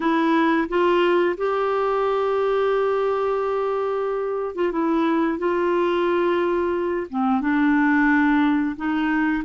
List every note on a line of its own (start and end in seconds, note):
0.00 0.67 E4
0.68 1.36 F4
1.37 4.55 G4
4.55 4.72 F4
4.72 5.38 E4
5.38 7.07 F4
7.10 7.41 C4
7.41 8.75 D4
8.76 9.44 D#4